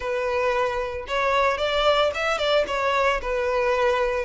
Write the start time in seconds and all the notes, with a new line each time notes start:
0.00 B4
1.07 C#5
1.57 D5
2.14 E5
2.38 D5
2.67 C#5
3.21 B4